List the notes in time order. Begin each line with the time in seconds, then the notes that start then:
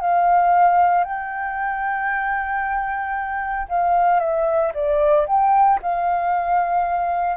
0.00 F5
1.04 G5
3.68 F5
4.20 E5
4.74 D5
5.27 G5
5.82 F5